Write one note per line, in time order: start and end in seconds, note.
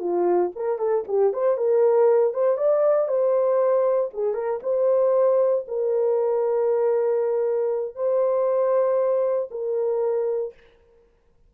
0.00 0.51 F4
0.56 0.79 A#4
0.79 1.05 A4
1.08 1.34 G4
1.34 1.58 C5
1.58 2.34 A#4
2.34 2.58 C5
2.58 3.08 D5
3.08 4.11 C5
4.14 4.34 G#4
4.34 4.60 A#4
4.63 5.66 C5
5.68 7.96 A#4
7.96 9.49 C5
9.51 10.54 A#4